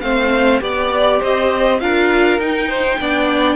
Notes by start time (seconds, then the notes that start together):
0.00 A3 C4 C5 F5
0.60 B3 G4 D5
1.19 C4 C5 D#5
1.80 D4 F4 A#4 F5
2.38 D#4 G5
2.68 C5
3.00 B3 D4 D5